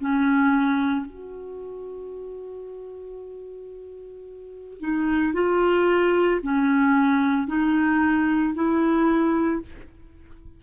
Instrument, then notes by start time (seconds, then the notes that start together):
clarinet
0.00 C#4
1.06 F#4
4.80 D#4
5.33 F4
6.43 C#4
7.48 D#4
8.55 E4